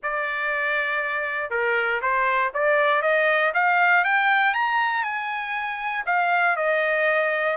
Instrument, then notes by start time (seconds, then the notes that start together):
trumpet
0.03 D5
1.50 A#4
2.01 C5
2.53 D5
3.02 D#5
3.54 F5
4.04 G5
4.54 A#5
5.03 G#5
6.05 F5
6.56 D#5